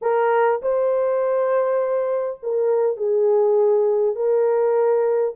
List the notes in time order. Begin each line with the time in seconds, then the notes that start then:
0.01 A#4
0.62 C5
2.42 A#4
2.96 G#4
4.15 A#4